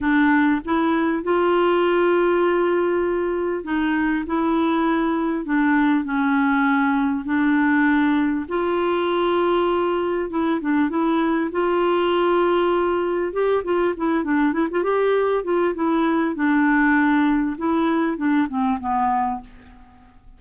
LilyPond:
\new Staff \with { instrumentName = "clarinet" } { \time 4/4 \tempo 4 = 99 d'4 e'4 f'2~ | f'2 dis'4 e'4~ | e'4 d'4 cis'2 | d'2 f'2~ |
f'4 e'8 d'8 e'4 f'4~ | f'2 g'8 f'8 e'8 d'8 | e'16 f'16 g'4 f'8 e'4 d'4~ | d'4 e'4 d'8 c'8 b4 | }